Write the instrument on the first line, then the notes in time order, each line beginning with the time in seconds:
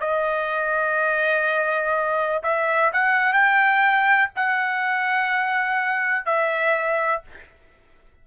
trumpet
0.00 D#5
2.43 E5
2.93 F#5
3.33 G5
4.35 F#5
6.25 E5